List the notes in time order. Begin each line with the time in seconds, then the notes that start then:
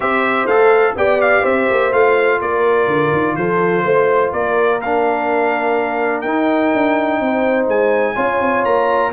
0.00 C4 G4 C5 E5
0.46 A3 A4 F5
0.95 B3 G4 D5 G5
1.21 F5
1.42 C4 C5 E5
1.69 A#3
1.92 A3 F4 F5
2.40 A#3 A#4 D5
2.87 D3
3.12 D#3
3.35 F3 A4 C5
3.84 A3 C5
4.32 A#3 A#4 D5
4.81 D4 F5
6.21 D#4 G5
6.74 D4
7.20 C4 C5
7.67 G#3 G#5
8.14 C#4 F4 C#5
8.40 C4
8.64 A#3 A#5